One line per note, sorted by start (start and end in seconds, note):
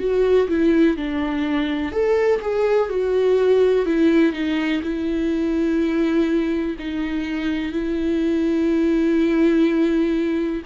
0.00 0.48 F#4
0.48 0.97 E4
0.97 1.92 D4
1.92 2.41 A4
2.42 2.90 G#4
2.90 3.86 F#4
3.86 4.33 E4
4.33 4.81 D#4
4.83 6.77 E4
6.79 7.72 D#4
7.72 10.63 E4